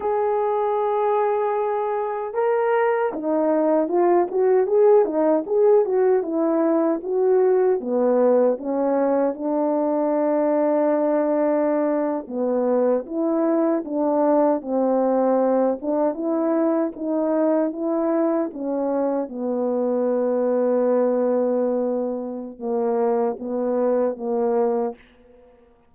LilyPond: \new Staff \with { instrumentName = "horn" } { \time 4/4 \tempo 4 = 77 gis'2. ais'4 | dis'4 f'8 fis'8 gis'8 dis'8 gis'8 fis'8 | e'4 fis'4 b4 cis'4 | d'2.~ d'8. b16~ |
b8. e'4 d'4 c'4~ c'16~ | c'16 d'8 e'4 dis'4 e'4 cis'16~ | cis'8. b2.~ b16~ | b4 ais4 b4 ais4 | }